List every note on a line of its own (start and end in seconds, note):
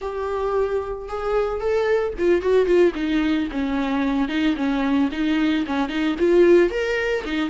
0.01 1.08 G4
1.08 1.60 G#4
1.60 2.13 A4
2.18 2.41 F4
2.41 2.65 F#4
2.65 2.92 F4
2.94 3.48 D#4
3.51 4.28 C#4
4.28 4.55 D#4
4.56 5.09 C#4
5.11 5.65 D#4
5.66 5.88 C#4
5.88 6.15 D#4
6.19 6.70 F4
6.70 7.23 A#4
7.24 7.49 D#4